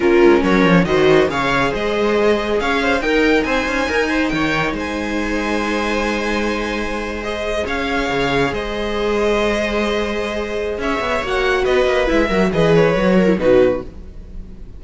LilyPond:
<<
  \new Staff \with { instrumentName = "violin" } { \time 4/4 \tempo 4 = 139 ais'4 cis''4 dis''4 f''4 | dis''2 f''4 g''4 | gis''2 g''4 gis''4~ | gis''1~ |
gis''8. dis''4 f''2 dis''16~ | dis''1~ | dis''4 e''4 fis''4 dis''4 | e''4 dis''8 cis''4. b'4 | }
  \new Staff \with { instrumentName = "viola" } { \time 4/4 f'4 ais'4 c''4 cis''4 | c''2 cis''8 c''8 ais'4 | c''4 ais'8 c''8 cis''4 c''4~ | c''1~ |
c''4.~ c''16 cis''2 c''16~ | c''1~ | c''4 cis''2 b'4~ | b'8 ais'8 b'4. ais'8 fis'4 | }
  \new Staff \with { instrumentName = "viola" } { \time 4/4 cis'2 fis'4 gis'4~ | gis'2. dis'4~ | dis'1~ | dis'1~ |
dis'8. gis'2.~ gis'16~ | gis'1~ | gis'2 fis'2 | e'8 fis'8 gis'4 fis'8. e'16 dis'4 | }
  \new Staff \with { instrumentName = "cello" } { \time 4/4 ais8 gis8 fis8 f8 dis4 cis4 | gis2 cis'4 dis'4 | c'8 cis'8 dis'4 dis4 gis4~ | gis1~ |
gis4.~ gis16 cis'4 cis4 gis16~ | gis1~ | gis4 cis'8 b8 ais4 b8 ais8 | gis8 fis8 e4 fis4 b,4 | }
>>